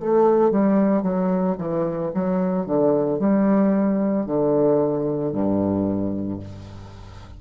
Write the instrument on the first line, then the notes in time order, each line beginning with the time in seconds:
bassoon
0.00 A3
0.51 G3
1.03 F#3
1.58 E3
2.15 F#3
2.66 D3
3.19 G3
4.27 D3
5.33 G2